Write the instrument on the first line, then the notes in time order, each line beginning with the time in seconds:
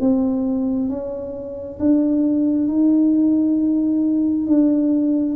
tuba
0.00 C4
0.89 C#4
1.80 D4
2.67 D#4
4.47 D4